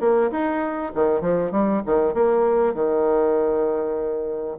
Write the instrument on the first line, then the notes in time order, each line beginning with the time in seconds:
bassoon
0.00 A#3
0.31 D#4
0.94 D#3
1.21 F3
1.51 G3
1.86 D#3
2.14 A#3
2.74 D#3